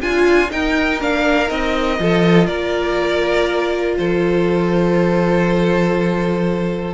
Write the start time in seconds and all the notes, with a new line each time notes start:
0.00 D4 F4 G#5
0.51 D#4 A#4 G5
1.01 A#3 D4 F5
1.48 C4 D#4 D#5
1.99 F3 F4 A4
2.47 A#3 A#4 D5
3.98 F3 A4 C5